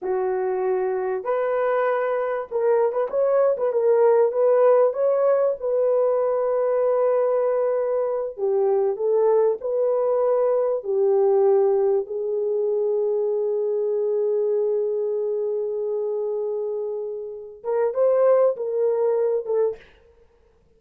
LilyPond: \new Staff \with { instrumentName = "horn" } { \time 4/4 \tempo 4 = 97 fis'2 b'2 | ais'8. b'16 cis''8. b'16 ais'4 b'4 | cis''4 b'2.~ | b'4. g'4 a'4 b'8~ |
b'4. g'2 gis'8~ | gis'1~ | gis'1~ | gis'8 ais'8 c''4 ais'4. a'8 | }